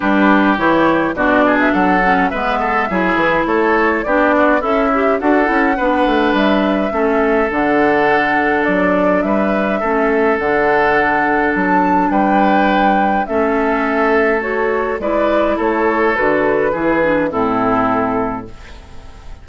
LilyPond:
<<
  \new Staff \with { instrumentName = "flute" } { \time 4/4 \tempo 4 = 104 b'4 cis''4 d''8. e''16 fis''4 | e''2 cis''4 d''4 | e''4 fis''2 e''4~ | e''4 fis''2 d''4 |
e''2 fis''2 | a''4 g''2 e''4~ | e''4 cis''4 d''4 cis''4 | b'2 a'2 | }
  \new Staff \with { instrumentName = "oboe" } { \time 4/4 g'2 fis'8 gis'8 a'4 | b'8 a'8 gis'4 a'4 g'8 fis'8 | e'4 a'4 b'2 | a'1 |
b'4 a'2.~ | a'4 b'2 a'4~ | a'2 b'4 a'4~ | a'4 gis'4 e'2 | }
  \new Staff \with { instrumentName = "clarinet" } { \time 4/4 d'4 e'4 d'4. cis'8 | b4 e'2 d'4 | a'8 g'8 fis'8 e'8 d'2 | cis'4 d'2.~ |
d'4 cis'4 d'2~ | d'2. cis'4~ | cis'4 fis'4 e'2 | fis'4 e'8 d'8 c'2 | }
  \new Staff \with { instrumentName = "bassoon" } { \time 4/4 g4 e4 b,4 fis4 | gis4 fis8 e8 a4 b4 | cis'4 d'8 cis'8 b8 a8 g4 | a4 d2 fis4 |
g4 a4 d2 | fis4 g2 a4~ | a2 gis4 a4 | d4 e4 a,2 | }
>>